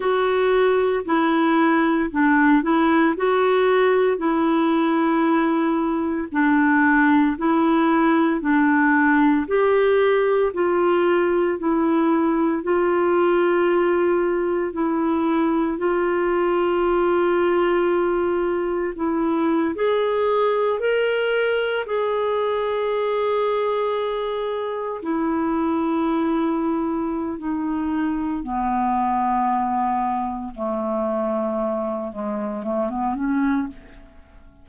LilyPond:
\new Staff \with { instrumentName = "clarinet" } { \time 4/4 \tempo 4 = 57 fis'4 e'4 d'8 e'8 fis'4 | e'2 d'4 e'4 | d'4 g'4 f'4 e'4 | f'2 e'4 f'4~ |
f'2 e'8. gis'4 ais'16~ | ais'8. gis'2. e'16~ | e'2 dis'4 b4~ | b4 a4. gis8 a16 b16 cis'8 | }